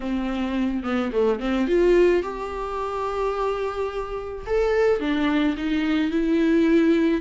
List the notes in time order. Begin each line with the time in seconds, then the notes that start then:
0.00 C4
0.83 B3
1.12 A3
1.39 C4
1.67 F4
2.22 G4
4.46 A4
5.00 D4
5.57 D#4
6.11 E4